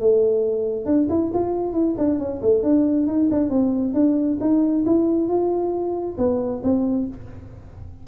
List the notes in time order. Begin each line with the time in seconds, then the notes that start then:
0.00 A3
0.86 D4
1.10 E4
1.34 F4
1.73 E4
1.98 D4
2.19 C#4
2.42 A3
2.63 D4
3.07 D#4
3.31 D4
3.50 C4
3.94 D4
4.41 D#4
4.86 E4
5.28 F4
6.18 B3
6.63 C4